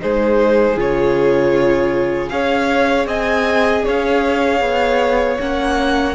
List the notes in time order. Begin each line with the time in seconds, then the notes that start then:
0.00 G#3 D#4 G#4 C5
0.76 C#3 F4 C#5
2.29 C#4 G#4 C#5 F5
3.06 C4 D#5 G#5
3.84 C#4 C#5 F5
4.61 B3
5.38 A#3 C#4 F#5